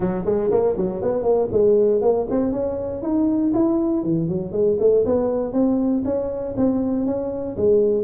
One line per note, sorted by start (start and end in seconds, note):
0.00 0.25 F#3
0.25 0.50 G#3
0.50 0.76 A#3
0.76 1.02 F#3
1.02 1.22 B3
1.22 1.48 A#3
1.52 2.01 G#3
2.01 2.26 A#3
2.30 2.52 C4
2.52 3.02 C#4
3.02 3.52 D#4
3.53 4.03 E4
4.03 4.28 E3
4.28 4.52 F#3
4.52 4.77 G#3
4.79 5.04 A3
5.05 5.52 B3
5.52 6.03 C4
6.04 6.55 C#4
6.56 7.05 C4
7.05 7.56 C#4
7.57 8.03 G#3